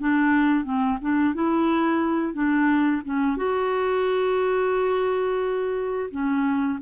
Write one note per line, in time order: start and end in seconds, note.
0.00 0.65 D4
0.65 0.99 C4
1.01 1.35 D4
1.35 2.34 E4
2.34 3.02 D4
3.05 3.37 C#4
3.37 6.10 F#4
6.11 6.79 C#4